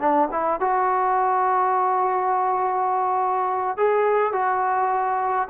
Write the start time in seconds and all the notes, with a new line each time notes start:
0.00 D4
0.32 E4
0.61 F#4
3.77 G#4
4.33 F#4